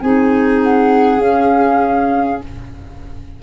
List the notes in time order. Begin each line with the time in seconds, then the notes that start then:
0.00 C4 D#4 G#4 G#5
0.63 F#5
1.19 C#4 F5